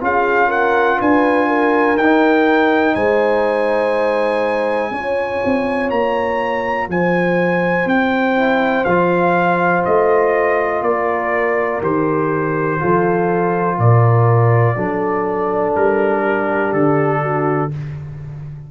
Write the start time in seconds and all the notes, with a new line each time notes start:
0.00 C#4 F4 G#4 F5
0.47 A#4 F#5
0.98 D4 B4 G#5
1.47 A#4
1.97 D#4 G5
2.94 G#3 C5 G#5
4.91 C#4 F4 C#5
5.44 C4
5.90 A#3 A#5
6.88 F3 C5 G#5
7.85 C4 G5
8.36 E4
8.84 F3 F4 F5
9.84 A3 D#5
10.81 A#3 A#4 D5
11.81 D#3 G4 C5
12.79 F3 F4 A4
13.76 A#2 A#4 D5
14.75 F#3 D4 A4
15.75 G3 A#4
16.23 G4
16.72 D3 A4
17.21 F#4